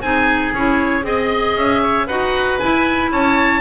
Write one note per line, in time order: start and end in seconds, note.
0.00 0.52 C4
0.00 0.55 D#4
0.00 1.06 G#4
0.00 0.53 G#5
0.53 1.04 C#4
0.53 1.02 E4
0.53 1.05 C#5
1.02 1.55 C4
1.02 2.05 G#4
1.02 1.56 D#5
1.02 1.82 D#5
1.55 2.07 C#4
1.55 2.07 E5
1.82 2.06 C#5
2.06 2.60 D#4
2.06 2.60 F#4
2.06 3.10 B4
2.06 2.59 F#5
2.59 3.61 E4
2.59 3.12 E4
2.59 3.10 G#5
3.12 3.61 C#4
3.12 3.61 C#5
3.12 3.61 A5